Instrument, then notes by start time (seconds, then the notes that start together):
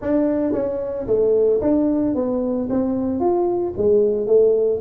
tuba
0.01 D4
0.52 C#4
1.06 A3
1.61 D4
2.14 B3
2.69 C4
3.20 F4
3.77 G#3
4.27 A3